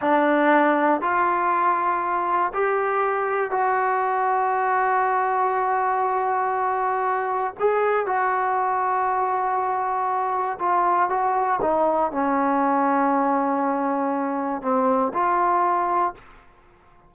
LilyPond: \new Staff \with { instrumentName = "trombone" } { \time 4/4 \tempo 4 = 119 d'2 f'2~ | f'4 g'2 fis'4~ | fis'1~ | fis'2. gis'4 |
fis'1~ | fis'4 f'4 fis'4 dis'4 | cis'1~ | cis'4 c'4 f'2 | }